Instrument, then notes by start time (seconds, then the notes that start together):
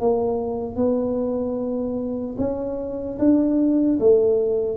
tuba
0.00 A#3
0.76 B3
2.38 C#4
3.19 D4
3.99 A3